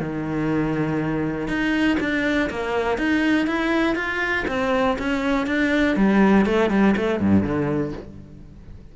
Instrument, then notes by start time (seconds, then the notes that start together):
cello
0.00 D#3
1.48 D#4
2.00 D4
2.50 A#3
2.98 D#4
3.47 E4
3.96 F4
4.48 C4
4.99 C#4
5.47 D4
5.96 G3
6.46 A3
6.70 G3
6.97 A3
7.20 G2
7.43 D3